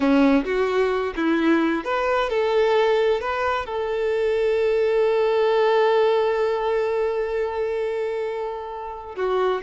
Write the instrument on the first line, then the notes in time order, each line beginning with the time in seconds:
violin
0.00 C#4
0.45 F#4
1.16 E4
1.84 B4
2.29 A4
3.20 B4
3.66 A4
9.16 F#4